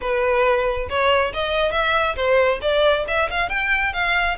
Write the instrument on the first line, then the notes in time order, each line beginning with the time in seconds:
violin
0.01 B4
0.89 C#5
1.33 D#5
1.71 E5
2.16 C5
2.61 D5
3.07 E5
3.30 F5
3.49 G5
3.93 F5